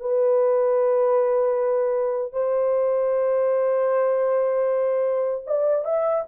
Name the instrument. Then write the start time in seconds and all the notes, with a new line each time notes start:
horn
0.00 B4
2.32 C5
5.46 D5
5.85 E5